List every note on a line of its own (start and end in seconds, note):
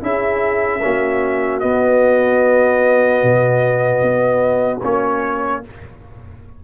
0.00 0.82 C#4
0.00 0.80 E4
0.00 0.82 G#4
0.00 1.59 E5
0.82 1.63 A#3
0.82 1.60 C#4
0.82 5.62 F#4
1.59 4.80 B3
1.59 3.23 B3
1.59 4.79 D#5
3.23 4.02 B2
4.02 4.82 B3
4.83 5.63 A#3
4.83 5.62 C#4
4.83 5.64 C#5